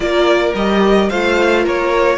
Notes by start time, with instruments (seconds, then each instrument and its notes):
0.00 cello A#3, viola F4, violin A#4 D5
0.55 cello G3, viola G4, violin D#5
1.09 cello A3, viola F4, violin C5 F5
1.63 cello A#3, violin A#4 C#5